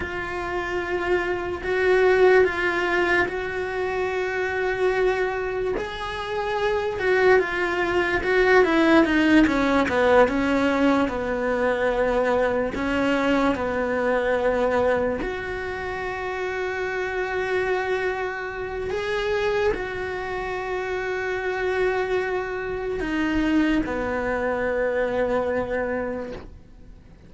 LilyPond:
\new Staff \with { instrumentName = "cello" } { \time 4/4 \tempo 4 = 73 f'2 fis'4 f'4 | fis'2. gis'4~ | gis'8 fis'8 f'4 fis'8 e'8 dis'8 cis'8 | b8 cis'4 b2 cis'8~ |
cis'8 b2 fis'4.~ | fis'2. gis'4 | fis'1 | dis'4 b2. | }